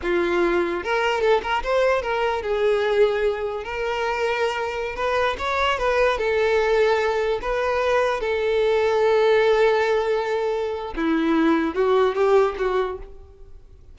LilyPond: \new Staff \with { instrumentName = "violin" } { \time 4/4 \tempo 4 = 148 f'2 ais'4 a'8 ais'8 | c''4 ais'4 gis'2~ | gis'4 ais'2.~ | ais'16 b'4 cis''4 b'4 a'8.~ |
a'2~ a'16 b'4.~ b'16~ | b'16 a'2.~ a'8.~ | a'2. e'4~ | e'4 fis'4 g'4 fis'4 | }